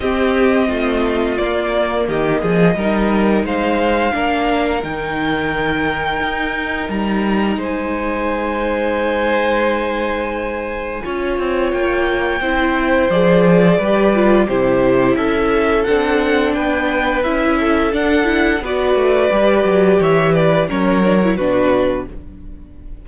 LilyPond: <<
  \new Staff \with { instrumentName = "violin" } { \time 4/4 \tempo 4 = 87 dis''2 d''4 dis''4~ | dis''4 f''2 g''4~ | g''2 ais''4 gis''4~ | gis''1~ |
gis''4 g''2 d''4~ | d''4 c''4 e''4 fis''4 | g''4 e''4 fis''4 d''4~ | d''4 e''8 d''8 cis''4 b'4 | }
  \new Staff \with { instrumentName = "violin" } { \time 4/4 g'4 f'2 g'8 gis'8 | ais'4 c''4 ais'2~ | ais'2. c''4~ | c''1 |
cis''2 c''2 | b'4 g'4 a'2 | b'4. a'4. b'4~ | b'4 cis''8 b'8 ais'4 fis'4 | }
  \new Staff \with { instrumentName = "viola" } { \time 4/4 c'2 ais2 | dis'2 d'4 dis'4~ | dis'1~ | dis'1 |
f'2 e'4 gis'4 | g'8 f'8 e'2 d'4~ | d'4 e'4 d'8 e'8 fis'4 | g'2 cis'8 d'16 e'16 d'4 | }
  \new Staff \with { instrumentName = "cello" } { \time 4/4 c'4 a4 ais4 dis8 f8 | g4 gis4 ais4 dis4~ | dis4 dis'4 g4 gis4~ | gis1 |
cis'8 c'8 ais4 c'4 f4 | g4 c4 cis'4 c'4 | b4 cis'4 d'4 b8 a8 | g8 fis8 e4 fis4 b,4 | }
>>